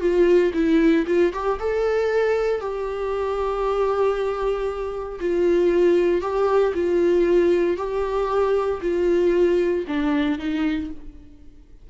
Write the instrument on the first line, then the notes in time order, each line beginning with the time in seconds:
viola
0.00 F4
0.54 E4
1.07 F4
1.33 G4
1.59 A4
2.61 G4
5.20 F4
6.21 G4
6.74 F4
7.77 G4
8.82 F4
9.87 D4
10.38 D#4